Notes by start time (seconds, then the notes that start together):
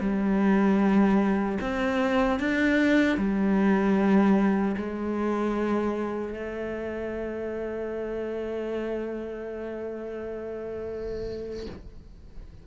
0.00 G3
1.60 C4
2.39 D4
3.17 G3
4.77 G#3
6.33 A3